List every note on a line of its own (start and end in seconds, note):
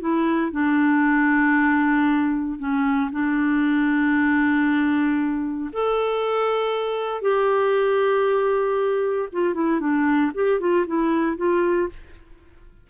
0.00 0.52 E4
0.52 2.59 D4
2.59 3.10 C#4
3.12 5.70 D4
5.73 7.22 A4
7.22 9.29 G4
9.32 9.54 F4
9.54 9.80 E4
9.80 10.32 D4
10.34 10.60 G4
10.60 10.86 F4
10.87 11.37 E4
11.37 11.89 F4